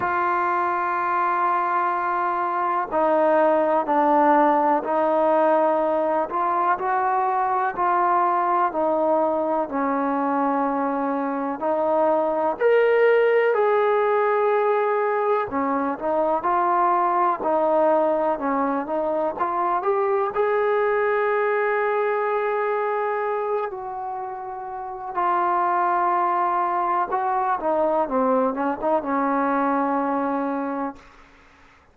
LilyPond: \new Staff \with { instrumentName = "trombone" } { \time 4/4 \tempo 4 = 62 f'2. dis'4 | d'4 dis'4. f'8 fis'4 | f'4 dis'4 cis'2 | dis'4 ais'4 gis'2 |
cis'8 dis'8 f'4 dis'4 cis'8 dis'8 | f'8 g'8 gis'2.~ | gis'8 fis'4. f'2 | fis'8 dis'8 c'8 cis'16 dis'16 cis'2 | }